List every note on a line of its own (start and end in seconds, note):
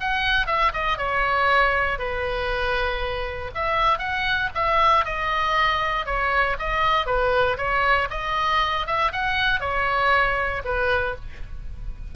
0.00 0.46 F#5
0.46 0.72 E5
0.73 0.98 D#5
0.98 1.98 C#5
1.98 3.51 B4
3.54 3.98 E5
3.98 4.49 F#5
4.54 5.05 E5
5.05 6.05 D#5
6.05 6.56 C#5
6.59 7.06 D#5
7.06 7.57 B4
7.57 8.08 C#5
8.10 8.86 D#5
8.86 9.12 E5
9.12 9.60 F#5
9.60 10.62 C#5
10.64 11.15 B4